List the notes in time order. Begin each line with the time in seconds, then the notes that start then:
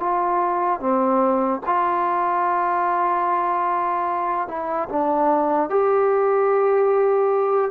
0.00 F4
0.80 C4
1.66 F4
4.48 E4
4.89 D4
5.70 G4